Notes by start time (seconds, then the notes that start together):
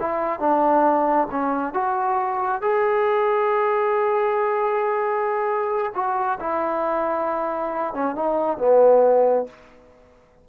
0.00 E4
0.40 D4
1.31 C#4
1.74 F#4
2.62 G#4
5.95 F#4
6.40 E4
7.94 C#4
8.16 D#4
8.58 B3